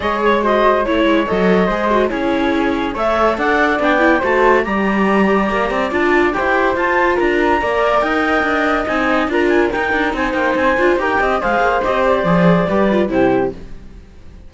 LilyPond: <<
  \new Staff \with { instrumentName = "clarinet" } { \time 4/4 \tempo 4 = 142 dis''8 cis''8 dis''4 cis''4 dis''4~ | dis''4 cis''2 e''4 | fis''4 g''4 a''4 ais''4~ | ais''2 a''4 g''4 |
a''4 ais''2 g''4~ | g''4 gis''4 ais''8 gis''8 g''4 | gis''8 g''8 gis''4 g''4 f''4 | dis''8 d''2~ d''8 c''4 | }
  \new Staff \with { instrumentName = "flute" } { \time 4/4 cis''4 c''4 cis''2 | c''4 gis'2 cis''4 | d''2 c''4 d''4~ | d''2. c''4~ |
c''4 ais'4 d''4 dis''4~ | dis''2 ais'2 | c''2 ais'8 dis''8 c''4~ | c''2 b'4 g'4 | }
  \new Staff \with { instrumentName = "viola" } { \time 4/4 gis'4 fis'4 e'4 a'4 | gis'8 fis'8 e'2 a'4~ | a'4 d'8 e'8 fis'4 g'4~ | g'2 f'4 g'4 |
f'2 ais'2~ | ais'4 dis'4 f'4 dis'4~ | dis'4. f'8 g'4 gis'4 | g'4 gis'4 g'8 f'8 e'4 | }
  \new Staff \with { instrumentName = "cello" } { \time 4/4 gis2 a8 gis8 fis4 | gis4 cis'2 a4 | d'4 b4 a4 g4~ | g4 ais8 c'8 d'4 e'4 |
f'4 d'4 ais4 dis'4 | d'4 c'4 d'4 dis'8 d'8 | c'8 ais8 c'8 d'8 dis'8 c'8 gis8 ais8 | c'4 f4 g4 c4 | }
>>